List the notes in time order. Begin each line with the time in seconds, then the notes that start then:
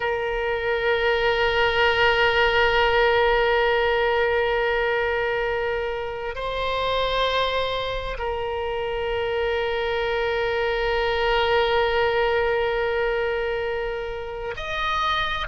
0.00 A#4
6.35 C5
8.18 A#4
14.56 D#5